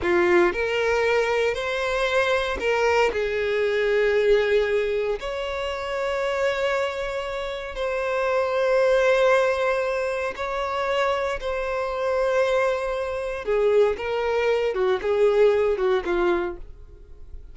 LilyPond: \new Staff \with { instrumentName = "violin" } { \time 4/4 \tempo 4 = 116 f'4 ais'2 c''4~ | c''4 ais'4 gis'2~ | gis'2 cis''2~ | cis''2. c''4~ |
c''1 | cis''2 c''2~ | c''2 gis'4 ais'4~ | ais'8 fis'8 gis'4. fis'8 f'4 | }